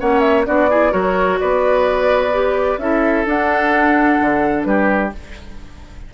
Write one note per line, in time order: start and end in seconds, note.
0.00 0.48 A#3
0.00 0.46 C#4
0.00 0.47 C#5
0.00 0.20 F#5
0.20 0.44 E5
0.46 0.93 B3
0.46 0.69 D4
0.46 0.70 F#4
0.46 0.93 D5
0.70 0.91 E4
0.70 0.92 G#4
0.91 1.40 F#3
0.91 2.31 F#4
0.91 1.39 A#4
0.91 1.39 C#5
1.40 2.78 B3
1.40 2.80 B4
1.40 2.79 D5
2.33 2.80 G4
2.78 3.25 C#4
2.78 3.27 E4
2.78 4.68 A4
2.78 3.26 E5
3.26 4.19 D4
3.26 5.13 D4
3.26 4.64 F#5
4.21 4.66 D3
4.64 5.12 G3
4.64 5.14 G4
4.64 5.10 B4